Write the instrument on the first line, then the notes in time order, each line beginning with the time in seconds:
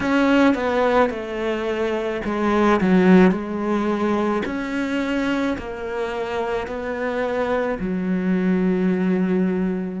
cello
0.00 C#4
0.54 B3
1.10 A3
2.24 G#3
2.80 F#3
3.31 G#3
4.45 C#4
5.58 A#3
6.67 B3
7.79 F#3